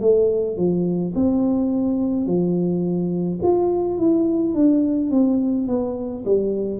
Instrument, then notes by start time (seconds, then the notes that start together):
tuba
0.00 A3
0.57 F3
1.15 C4
2.26 F3
3.43 F4
3.98 E4
4.54 D4
5.10 C4
5.68 B3
6.25 G3